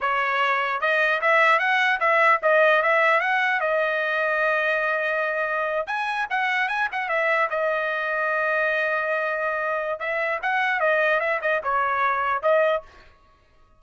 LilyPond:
\new Staff \with { instrumentName = "trumpet" } { \time 4/4 \tempo 4 = 150 cis''2 dis''4 e''4 | fis''4 e''4 dis''4 e''4 | fis''4 dis''2.~ | dis''2~ dis''8. gis''4 fis''16~ |
fis''8. gis''8 fis''8 e''4 dis''4~ dis''16~ | dis''1~ | dis''4 e''4 fis''4 dis''4 | e''8 dis''8 cis''2 dis''4 | }